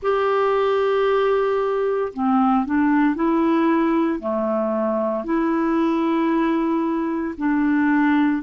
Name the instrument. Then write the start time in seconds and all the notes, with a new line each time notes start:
clarinet
0.02 G4
2.13 C4
2.65 D4
3.15 E4
4.19 A3
5.24 E4
7.37 D4